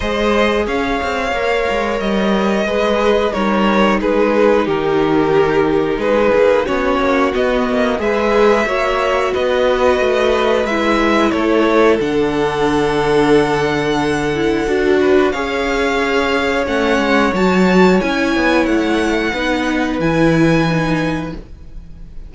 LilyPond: <<
  \new Staff \with { instrumentName = "violin" } { \time 4/4 \tempo 4 = 90 dis''4 f''2 dis''4~ | dis''4 cis''4 b'4 ais'4~ | ais'4 b'4 cis''4 dis''4 | e''2 dis''2 |
e''4 cis''4 fis''2~ | fis''2. f''4~ | f''4 fis''4 a''4 gis''4 | fis''2 gis''2 | }
  \new Staff \with { instrumentName = "violin" } { \time 4/4 c''4 cis''2. | b'4 ais'4 gis'4 g'4~ | g'4 gis'4 fis'2 | b'4 cis''4 b'2~ |
b'4 a'2.~ | a'2~ a'8 b'8 cis''4~ | cis''1~ | cis''4 b'2. | }
  \new Staff \with { instrumentName = "viola" } { \time 4/4 gis'2 ais'2 | gis'4 dis'2.~ | dis'2 cis'4 b4 | gis'4 fis'2. |
e'2 d'2~ | d'4. e'8 fis'4 gis'4~ | gis'4 cis'4 fis'4 e'4~ | e'4 dis'4 e'4 dis'4 | }
  \new Staff \with { instrumentName = "cello" } { \time 4/4 gis4 cis'8 c'8 ais8 gis8 g4 | gis4 g4 gis4 dis4~ | dis4 gis8 ais8 b8 ais8 b8 ais8 | gis4 ais4 b4 a4 |
gis4 a4 d2~ | d2 d'4 cis'4~ | cis'4 a8 gis8 fis4 cis'8 b8 | a4 b4 e2 | }
>>